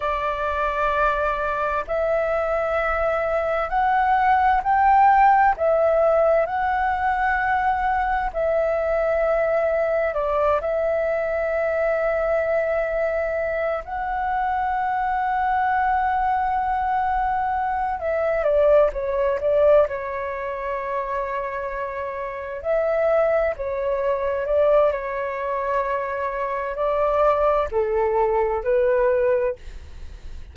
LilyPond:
\new Staff \with { instrumentName = "flute" } { \time 4/4 \tempo 4 = 65 d''2 e''2 | fis''4 g''4 e''4 fis''4~ | fis''4 e''2 d''8 e''8~ | e''2. fis''4~ |
fis''2.~ fis''8 e''8 | d''8 cis''8 d''8 cis''2~ cis''8~ | cis''8 e''4 cis''4 d''8 cis''4~ | cis''4 d''4 a'4 b'4 | }